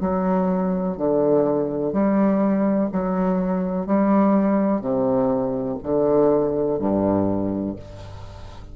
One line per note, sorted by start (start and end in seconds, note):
0.00 0.97 F#3
0.97 1.93 D3
1.93 2.89 G3
2.93 3.86 F#3
3.86 4.81 G3
4.81 5.78 C3
5.83 6.79 D3
6.79 7.76 G2